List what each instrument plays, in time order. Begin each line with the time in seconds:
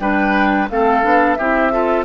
0.00 bassoon G3, clarinet D4, oboe B4, flute G5
0.70 bassoon A3, clarinet C4, oboe A4, flute F5
1.03 bassoon B3, clarinet D4
1.35 bassoon C4, clarinet E4, oboe G4, flute E5
1.72 clarinet F4, oboe A4